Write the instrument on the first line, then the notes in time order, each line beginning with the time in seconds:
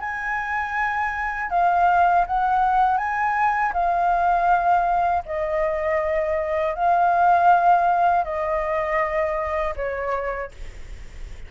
flute
0.00 G#5
1.50 F5
2.27 F#5
2.97 G#5
3.73 F5
5.26 D#5
6.75 F5
8.24 D#5
9.76 C#5